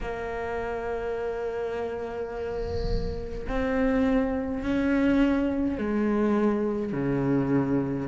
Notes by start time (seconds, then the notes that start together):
0.01 A#3
3.48 C4
4.63 C#4
5.77 G#3
6.92 C#3